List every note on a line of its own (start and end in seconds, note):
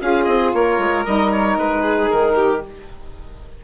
0.00 0.27 C#4
0.00 1.04 F4
0.00 0.55 G#4
0.00 0.24 F5
0.24 0.53 C4
0.24 0.50 D#5
0.53 0.78 A#3
0.53 1.81 A#4
0.53 1.05 C#5
0.78 1.04 G#3
1.05 1.56 G3
1.05 2.62 D#4
1.05 1.31 D#5
1.31 1.57 C#5
1.56 2.09 G#3
1.56 2.10 B4
1.81 2.33 G#4
2.10 2.64 D#3
2.10 2.62 A#4
2.35 2.61 G4